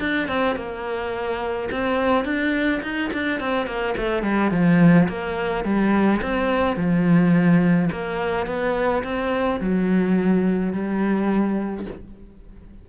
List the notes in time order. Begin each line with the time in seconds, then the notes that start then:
0.00 D4
0.28 C4
0.56 A#3
1.71 C4
2.25 D4
2.83 D#4
3.13 D4
3.40 C4
3.67 A#3
3.97 A3
4.23 G3
4.52 F3
5.08 A#3
5.64 G3
6.22 C4
6.77 F3
7.92 A#3
8.47 B3
9.04 C4
9.61 F#3
10.73 G3